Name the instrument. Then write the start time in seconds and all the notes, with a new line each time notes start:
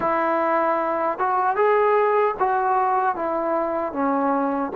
trombone
0.00 E4
1.18 F#4
1.55 G#4
2.39 F#4
3.15 E4
3.92 C#4